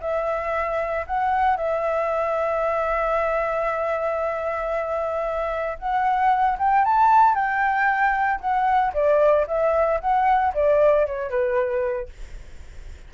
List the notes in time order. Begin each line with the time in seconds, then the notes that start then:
0.00 E5
1.06 F#5
1.56 E5
5.79 F#5
6.58 G5
6.84 A5
7.34 G5
8.40 F#5
8.93 D5
9.47 E5
10.00 F#5
10.54 D5
11.06 C#5
11.30 B4